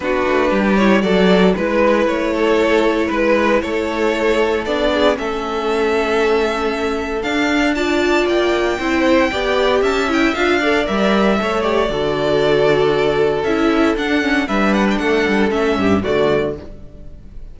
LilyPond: <<
  \new Staff \with { instrumentName = "violin" } { \time 4/4 \tempo 4 = 116 b'4. cis''8 d''4 b'4 | cis''2 b'4 cis''4~ | cis''4 d''4 e''2~ | e''2 f''4 a''4 |
g''2. a''8 g''8 | f''4 e''4. d''4.~ | d''2 e''4 fis''4 | e''8 fis''16 g''16 fis''4 e''4 d''4 | }
  \new Staff \with { instrumentName = "violin" } { \time 4/4 fis'4 g'4 a'4 b'4~ | b'8 a'4. b'4 a'4~ | a'4. gis'8 a'2~ | a'2. d''4~ |
d''4 c''4 d''4 e''4~ | e''8 d''4. cis''4 a'4~ | a'1 | b'4 a'4. g'8 fis'4 | }
  \new Staff \with { instrumentName = "viola" } { \time 4/4 d'4. e'8 fis'4 e'4~ | e'1~ | e'4 d'4 cis'2~ | cis'2 d'4 f'4~ |
f'4 e'4 g'4. e'8 | f'8 a'8 ais'4 a'8 g'8 fis'4~ | fis'2 e'4 d'8 cis'8 | d'2 cis'4 a4 | }
  \new Staff \with { instrumentName = "cello" } { \time 4/4 b8 a8 g4 fis4 gis4 | a2 gis4 a4~ | a4 b4 a2~ | a2 d'2 |
ais4 c'4 b4 cis'4 | d'4 g4 a4 d4~ | d2 cis'4 d'4 | g4 a8 g8 a8 g,8 d4 | }
>>